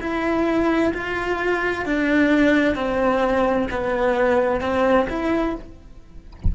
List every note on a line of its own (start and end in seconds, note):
0.00 0.92 E4
0.94 1.85 F4
1.85 2.75 D4
2.75 3.67 C4
3.70 4.61 B3
4.61 5.07 C4
5.09 5.55 E4